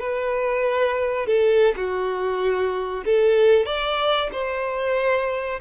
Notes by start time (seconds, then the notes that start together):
0.00 B4
1.27 A4
1.77 F#4
3.05 A4
3.66 D5
4.32 C5